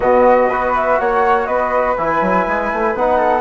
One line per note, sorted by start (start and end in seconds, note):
0.00 0.49 B2
0.00 0.49 B3
0.00 0.49 F#4
0.00 0.73 D#5
0.49 0.98 B3
0.49 1.97 F#4
0.49 0.98 B4
0.75 0.99 E5
0.99 1.47 A#3
0.99 1.47 C#5
0.99 1.45 F#5
1.45 1.96 B3
1.45 3.17 B4
1.45 1.95 D#5
1.97 2.21 E3
1.97 2.95 E4
1.97 2.95 G#5
2.21 2.45 F#3
2.47 2.71 G#3
2.72 2.94 A3
2.94 3.40 B3
2.94 3.40 D#4
2.94 3.40 F#5
3.17 3.40 A4